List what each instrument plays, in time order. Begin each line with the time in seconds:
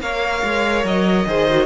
0.00 cello A#3, viola A#4, violin C#5 F5
0.43 cello G#3
0.84 cello F#3, violin D#5
1.26 cello D#3, viola G#4, violin C5
1.49 viola F#4